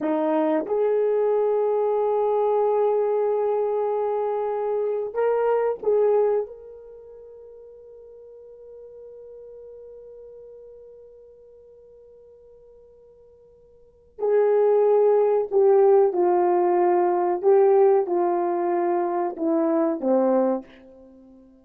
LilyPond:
\new Staff \with { instrumentName = "horn" } { \time 4/4 \tempo 4 = 93 dis'4 gis'2.~ | gis'1 | ais'4 gis'4 ais'2~ | ais'1~ |
ais'1~ | ais'2 gis'2 | g'4 f'2 g'4 | f'2 e'4 c'4 | }